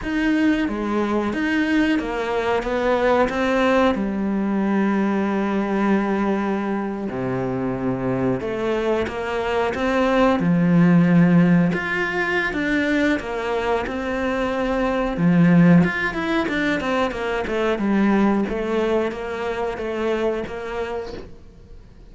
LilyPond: \new Staff \with { instrumentName = "cello" } { \time 4/4 \tempo 4 = 91 dis'4 gis4 dis'4 ais4 | b4 c'4 g2~ | g2~ g8. c4~ c16~ | c8. a4 ais4 c'4 f16~ |
f4.~ f16 f'4~ f'16 d'4 | ais4 c'2 f4 | f'8 e'8 d'8 c'8 ais8 a8 g4 | a4 ais4 a4 ais4 | }